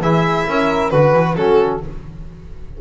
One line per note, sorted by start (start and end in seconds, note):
0.00 0.45 E3
0.00 0.92 E4
0.00 0.46 G#4
0.00 0.90 E5
0.47 0.92 C#4
0.47 0.91 A#4
0.90 1.13 D3
0.90 1.36 F#4
0.90 1.35 B4
0.90 1.36 B4
1.13 1.35 E3
1.35 1.79 F#3
1.35 1.81 C#4
1.35 1.80 F#4
1.35 1.81 A4